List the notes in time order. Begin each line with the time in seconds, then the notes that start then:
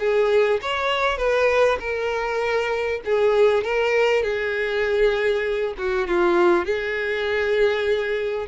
0.00 G#4
0.63 C#5
1.18 B4
1.80 A#4
3.06 G#4
3.64 A#4
4.23 G#4
5.79 F#4
6.08 F4
6.65 G#4